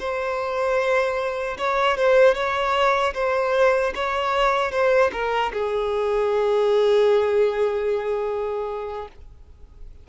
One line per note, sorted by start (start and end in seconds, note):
0.00 1.58 C5
1.59 1.98 C#5
1.98 2.35 C5
2.35 3.14 C#5
3.15 3.94 C5
3.95 4.72 C#5
4.72 5.11 C5
5.13 5.52 A#4
5.53 9.08 G#4